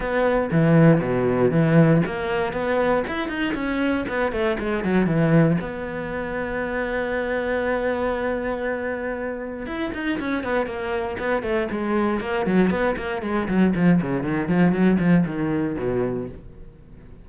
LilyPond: \new Staff \with { instrumentName = "cello" } { \time 4/4 \tempo 4 = 118 b4 e4 b,4 e4 | ais4 b4 e'8 dis'8 cis'4 | b8 a8 gis8 fis8 e4 b4~ | b1~ |
b2. e'8 dis'8 | cis'8 b8 ais4 b8 a8 gis4 | ais8 fis8 b8 ais8 gis8 fis8 f8 cis8 | dis8 f8 fis8 f8 dis4 b,4 | }